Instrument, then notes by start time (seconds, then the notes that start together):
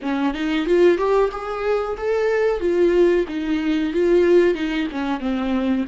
viola
0.01 C#4
0.33 D#4
0.66 F4
0.97 G4
1.31 G#4
1.97 A4
2.60 F4
3.28 D#4
3.93 F4
4.54 D#4
4.91 C#4
5.20 C4